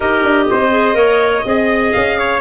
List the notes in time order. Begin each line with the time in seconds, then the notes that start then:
0.00 D#4 G4 A#4 D#5
0.23 D4
0.50 C4 C5
0.70 G#4
0.94 A#3 A#4 C#5
1.45 C4 G#4 D#5
1.91 C#4 F5
2.18 C#5